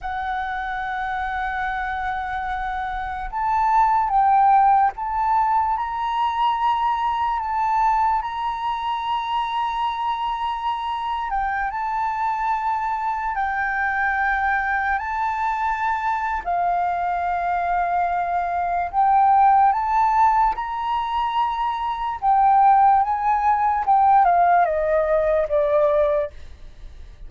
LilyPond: \new Staff \with { instrumentName = "flute" } { \time 4/4 \tempo 4 = 73 fis''1 | a''4 g''4 a''4 ais''4~ | ais''4 a''4 ais''2~ | ais''4.~ ais''16 g''8 a''4.~ a''16~ |
a''16 g''2 a''4.~ a''16 | f''2. g''4 | a''4 ais''2 g''4 | gis''4 g''8 f''8 dis''4 d''4 | }